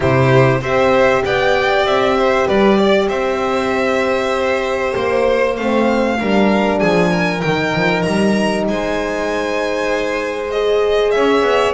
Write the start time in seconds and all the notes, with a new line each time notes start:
0.00 C3 E4 G4 C5
0.61 C4 G4 C5 E5
1.24 B3 D5 G5
1.85 C4 E5
2.18 C5
2.47 G3 B4 D5
2.77 D5
3.07 C4 C5 E5
4.94 A#3 C5
5.57 A3 C4 F5
6.19 G3 D4 A#4
6.79 F3 G#4 G#5
7.10 A#4
7.40 D#3 D#4 G5
7.74 F3
8.01 G3 A#5
8.68 G#3 C5 G#5
10.51 G#4 D#5
11.11 C#4 C#5 E5
11.41 B3